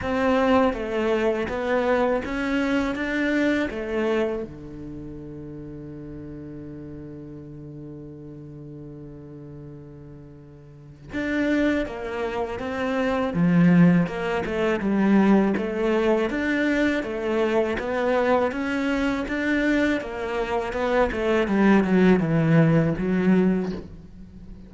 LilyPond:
\new Staff \with { instrumentName = "cello" } { \time 4/4 \tempo 4 = 81 c'4 a4 b4 cis'4 | d'4 a4 d2~ | d1~ | d2. d'4 |
ais4 c'4 f4 ais8 a8 | g4 a4 d'4 a4 | b4 cis'4 d'4 ais4 | b8 a8 g8 fis8 e4 fis4 | }